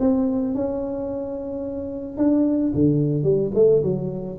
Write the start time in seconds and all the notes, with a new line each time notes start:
0.00 C4
0.55 C#4
2.18 D4
2.75 D3
3.24 G3
3.55 A3
3.83 F#3